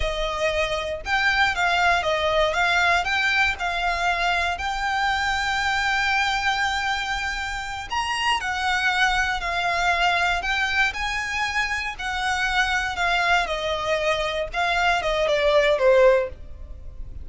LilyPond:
\new Staff \with { instrumentName = "violin" } { \time 4/4 \tempo 4 = 118 dis''2 g''4 f''4 | dis''4 f''4 g''4 f''4~ | f''4 g''2.~ | g''2.~ g''8 ais''8~ |
ais''8 fis''2 f''4.~ | f''8 g''4 gis''2 fis''8~ | fis''4. f''4 dis''4.~ | dis''8 f''4 dis''8 d''4 c''4 | }